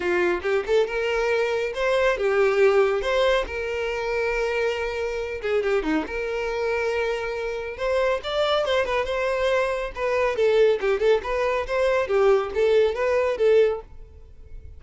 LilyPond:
\new Staff \with { instrumentName = "violin" } { \time 4/4 \tempo 4 = 139 f'4 g'8 a'8 ais'2 | c''4 g'2 c''4 | ais'1~ | ais'8 gis'8 g'8 dis'8 ais'2~ |
ais'2 c''4 d''4 | c''8 b'8 c''2 b'4 | a'4 g'8 a'8 b'4 c''4 | g'4 a'4 b'4 a'4 | }